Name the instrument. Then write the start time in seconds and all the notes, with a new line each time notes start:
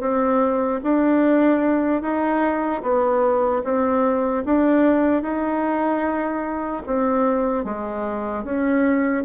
bassoon
0.00 C4
0.83 D4
2.01 D#4
2.82 B3
3.64 C4
4.45 D4
5.22 D#4
6.86 C4
7.64 G#3
8.44 C#4